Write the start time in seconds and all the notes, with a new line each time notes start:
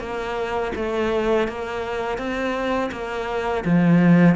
0.00 A#3
0.76 A3
1.48 A#3
2.18 C4
2.92 A#3
3.65 F3